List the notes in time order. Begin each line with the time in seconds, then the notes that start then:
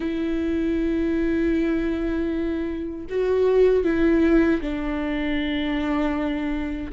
0.00 E4
3.09 F#4
3.84 E4
4.61 D4